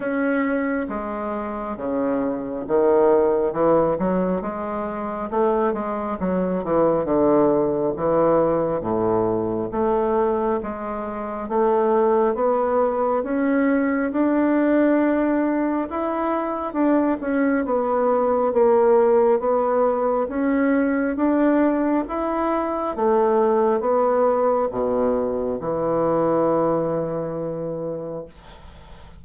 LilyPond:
\new Staff \with { instrumentName = "bassoon" } { \time 4/4 \tempo 4 = 68 cis'4 gis4 cis4 dis4 | e8 fis8 gis4 a8 gis8 fis8 e8 | d4 e4 a,4 a4 | gis4 a4 b4 cis'4 |
d'2 e'4 d'8 cis'8 | b4 ais4 b4 cis'4 | d'4 e'4 a4 b4 | b,4 e2. | }